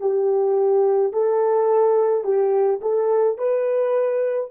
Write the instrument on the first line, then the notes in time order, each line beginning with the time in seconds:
horn
0.00 G4
1.13 A4
2.24 G4
2.81 A4
3.39 B4